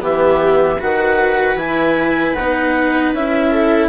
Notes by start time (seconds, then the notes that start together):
0.00 E3 B3 G4 E5
0.79 D#3 F#4 B4 F#5
1.55 E3 E4 G#5
2.35 B3 D#4 F#5
3.13 C#4 E4 E5
3.52 A4